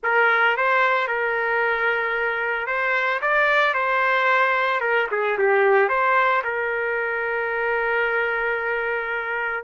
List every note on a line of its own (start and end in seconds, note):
0.03 0.56 A#4
0.56 1.07 C5
1.07 2.66 A#4
2.66 3.20 C5
3.21 3.74 D5
3.74 4.80 C5
4.80 5.07 A#4
5.11 5.37 G#4
5.38 5.88 G4
5.88 6.42 C5
6.44 9.64 A#4